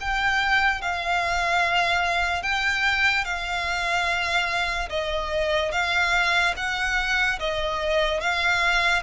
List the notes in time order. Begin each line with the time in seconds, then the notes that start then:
0.00 G5
0.81 F5
2.42 G5
3.24 F5
4.89 D#5
5.72 F5
6.57 F#5
7.39 D#5
8.20 F5